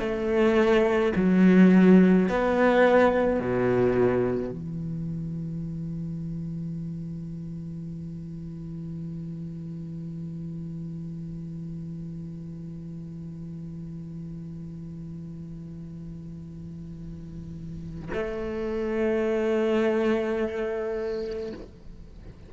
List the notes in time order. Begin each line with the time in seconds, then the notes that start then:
0.00 A3
1.16 F#3
2.30 B3
3.40 B2
4.51 E3
18.13 A3